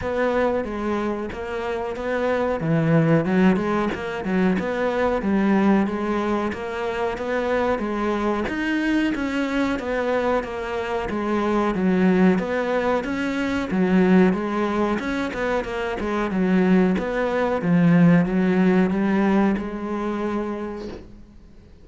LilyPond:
\new Staff \with { instrumentName = "cello" } { \time 4/4 \tempo 4 = 92 b4 gis4 ais4 b4 | e4 fis8 gis8 ais8 fis8 b4 | g4 gis4 ais4 b4 | gis4 dis'4 cis'4 b4 |
ais4 gis4 fis4 b4 | cis'4 fis4 gis4 cis'8 b8 | ais8 gis8 fis4 b4 f4 | fis4 g4 gis2 | }